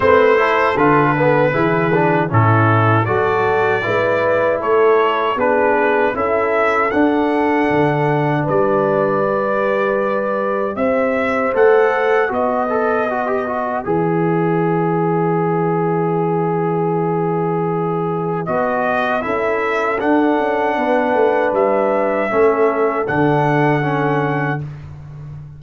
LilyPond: <<
  \new Staff \with { instrumentName = "trumpet" } { \time 4/4 \tempo 4 = 78 c''4 b'2 a'4 | d''2 cis''4 b'4 | e''4 fis''2 d''4~ | d''2 e''4 fis''4 |
dis''2 e''2~ | e''1 | dis''4 e''4 fis''2 | e''2 fis''2 | }
  \new Staff \with { instrumentName = "horn" } { \time 4/4 b'8 a'4. gis'4 e'4 | a'4 b'4 a'4 gis'4 | a'2. b'4~ | b'2 c''2 |
b'1~ | b'1~ | b'4 a'2 b'4~ | b'4 a'2. | }
  \new Staff \with { instrumentName = "trombone" } { \time 4/4 c'8 e'8 f'8 b8 e'8 d'8 cis'4 | fis'4 e'2 d'4 | e'4 d'2. | g'2. a'4 |
fis'8 a'8 fis'16 g'16 fis'8 gis'2~ | gis'1 | fis'4 e'4 d'2~ | d'4 cis'4 d'4 cis'4 | }
  \new Staff \with { instrumentName = "tuba" } { \time 4/4 a4 d4 e4 a,4 | fis4 gis4 a4 b4 | cis'4 d'4 d4 g4~ | g2 c'4 a4 |
b2 e2~ | e1 | b4 cis'4 d'8 cis'8 b8 a8 | g4 a4 d2 | }
>>